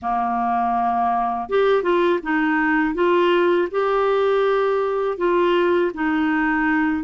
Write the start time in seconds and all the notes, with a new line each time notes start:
0.02 A#3
1.49 G4
1.82 F4
2.23 D#4
2.94 F4
3.71 G4
5.17 F4
5.94 D#4